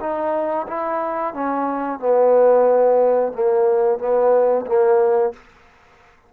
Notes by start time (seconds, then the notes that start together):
0.00 D#4
0.68 E4
1.34 C#4
1.99 B3
3.32 A#3
3.99 B3
4.66 A#3